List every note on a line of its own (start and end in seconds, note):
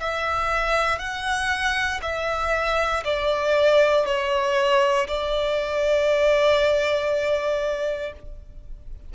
0.00 0.98 E5
0.98 2.00 F#5
2.02 3.04 E5
3.05 4.06 D5
4.06 5.08 C#5
5.08 8.13 D5